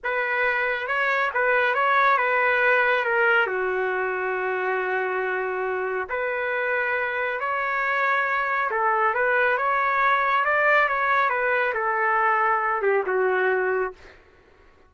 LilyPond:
\new Staff \with { instrumentName = "trumpet" } { \time 4/4 \tempo 4 = 138 b'2 cis''4 b'4 | cis''4 b'2 ais'4 | fis'1~ | fis'2 b'2~ |
b'4 cis''2. | a'4 b'4 cis''2 | d''4 cis''4 b'4 a'4~ | a'4. g'8 fis'2 | }